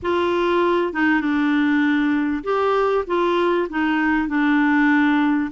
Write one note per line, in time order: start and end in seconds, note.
0.02 0.93 F4
0.93 1.21 D#4
1.21 2.43 D4
2.43 3.04 G4
3.06 3.68 F4
3.69 4.27 D#4
4.27 5.50 D4